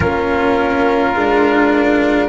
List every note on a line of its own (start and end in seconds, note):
0.00 1.15 A#3
0.00 1.15 C#4
0.00 2.28 F4
0.00 2.28 A#4
1.15 2.28 G#3
1.15 2.28 D4